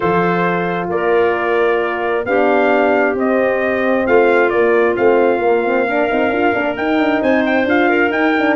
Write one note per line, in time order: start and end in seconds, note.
0.00 0.88 F3
0.00 2.24 F4
0.00 0.88 A4
0.00 0.88 C5
0.88 2.24 A#3
0.88 2.28 A#4
0.88 2.25 D5
2.24 3.14 B3
2.24 3.17 D4
2.24 4.06 G4
2.24 3.15 F5
3.14 4.05 C4
3.14 4.52 C4
3.14 4.07 D#5
4.06 4.52 A3
4.06 5.87 F4
4.06 4.49 F5
4.49 4.97 A#3
4.49 4.94 A#3
4.49 4.94 D5
4.94 5.38 A3
4.94 5.40 C4
4.94 6.76 F5
5.38 6.06 A#3
5.38 5.64 A#3
5.64 5.87 C4
5.87 6.09 D4
5.87 7.21 A#4
6.09 6.29 C4
6.09 6.31 D#4
6.29 6.51 D4
6.29 6.53 F4
6.53 6.77 A#3
6.53 6.76 D4
6.76 7.67 D#4
6.76 6.98 D#4
6.76 7.22 G5
6.98 7.21 D4
7.21 7.64 C4
7.21 7.89 C5
7.21 7.45 G#5
7.45 7.68 G5
7.64 8.09 D4
7.64 8.10 F4
7.64 8.11 F5
7.89 8.56 A#4
8.09 8.55 D#4
8.09 8.33 D#4
8.09 8.56 G5
8.37 8.56 D4